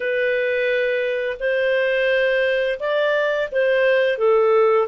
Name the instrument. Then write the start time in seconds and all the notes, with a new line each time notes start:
clarinet
0.00 B4
1.40 C5
2.79 D5
3.51 C5
4.18 A4